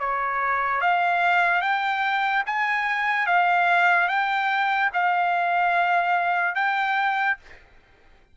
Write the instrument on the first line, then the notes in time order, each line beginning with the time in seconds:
trumpet
0.00 C#5
0.81 F5
1.62 G5
2.47 G#5
3.27 F5
4.08 G5
4.94 F5
6.55 G5